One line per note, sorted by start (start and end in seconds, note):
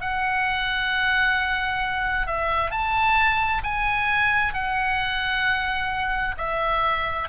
0.00 2.26 F#5
2.26 2.70 E5
2.70 3.61 A5
3.63 4.53 G#5
4.53 6.35 F#5
6.37 7.28 E5